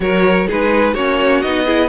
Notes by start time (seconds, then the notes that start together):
0.00 F#3 F#4 A#4 C#5
0.47 G#3 D#4 G#4 B4
0.93 A#3 C#4 F#4 C#5
1.41 B3 D#4 D#5
1.65 E4 G#4